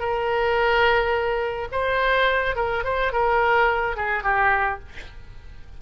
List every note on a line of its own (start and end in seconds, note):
0.00 1.68 A#4
1.72 2.56 C5
2.56 2.84 A#4
2.84 3.12 C5
3.13 3.96 A#4
3.96 4.23 G#4
4.23 4.79 G4